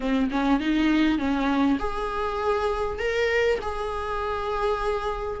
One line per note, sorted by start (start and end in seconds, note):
0.00 0.29 C4
0.31 0.60 C#4
0.60 1.18 D#4
1.18 1.78 C#4
1.79 2.98 G#4
2.98 3.58 A#4
3.61 5.40 G#4